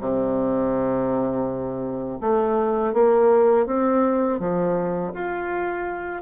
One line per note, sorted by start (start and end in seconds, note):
0.00 2.20 C3
2.21 2.93 A3
2.93 3.66 A#3
3.66 4.39 C4
4.39 5.13 F3
5.14 6.22 F4